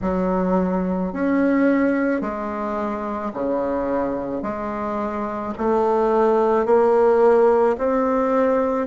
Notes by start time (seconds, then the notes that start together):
0.01 F#3
1.13 C#4
2.21 G#3
3.33 C#3
4.42 G#3
5.58 A3
6.65 A#3
7.78 C4